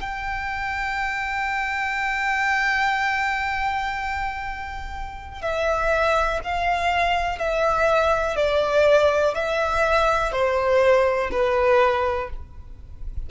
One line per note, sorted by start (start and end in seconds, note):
0.00 5.41 G5
5.41 6.39 E5
6.43 7.38 F5
7.38 8.36 E5
8.36 9.34 D5
9.34 10.32 E5
10.32 11.30 C5
11.31 12.29 B4